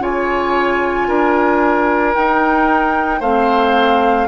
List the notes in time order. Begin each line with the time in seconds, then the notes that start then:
0.00 C#3 F4 C#5 G#5
1.08 D4 A#4
2.14 D#4 G5
3.20 A3 C4 C5 F5